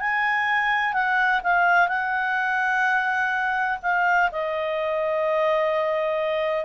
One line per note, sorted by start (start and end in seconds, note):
0.00 0.94 G#5
0.94 1.41 F#5
1.44 1.88 F5
1.88 3.79 F#5
3.82 4.30 F5
4.32 6.65 D#5